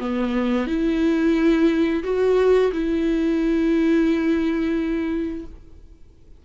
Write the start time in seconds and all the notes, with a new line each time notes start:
0.00 B3
0.67 E4
2.04 F#4
2.73 E4